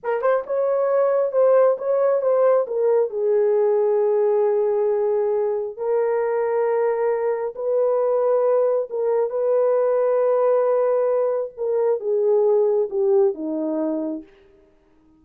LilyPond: \new Staff \with { instrumentName = "horn" } { \time 4/4 \tempo 4 = 135 ais'8 c''8 cis''2 c''4 | cis''4 c''4 ais'4 gis'4~ | gis'1~ | gis'4 ais'2.~ |
ais'4 b'2. | ais'4 b'2.~ | b'2 ais'4 gis'4~ | gis'4 g'4 dis'2 | }